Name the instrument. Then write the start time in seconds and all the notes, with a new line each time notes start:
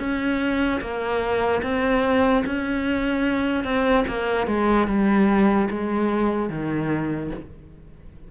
cello
0.00 C#4
0.81 A#3
1.63 C4
2.46 C#4
3.64 C4
4.08 A#3
4.47 G#3
4.88 G3
5.71 G#3
6.50 D#3